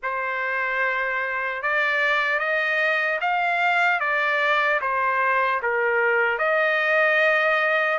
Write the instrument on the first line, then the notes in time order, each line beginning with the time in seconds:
trumpet
0.03 C5
1.62 D5
2.39 D#5
3.20 F5
4.00 D5
4.81 C5
5.62 A#4
6.38 D#5